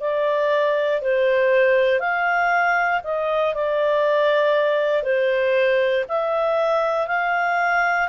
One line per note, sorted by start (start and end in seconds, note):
0.00 1.02 D5
1.02 2.00 C5
2.00 3.01 F5
3.04 3.55 D#5
3.55 5.03 D5
5.03 6.05 C5
6.08 7.07 E5
7.07 8.08 F5